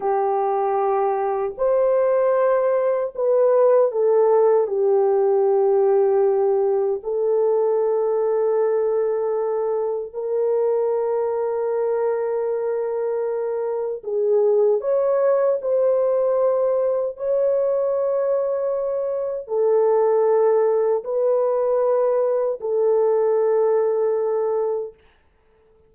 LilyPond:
\new Staff \with { instrumentName = "horn" } { \time 4/4 \tempo 4 = 77 g'2 c''2 | b'4 a'4 g'2~ | g'4 a'2.~ | a'4 ais'2.~ |
ais'2 gis'4 cis''4 | c''2 cis''2~ | cis''4 a'2 b'4~ | b'4 a'2. | }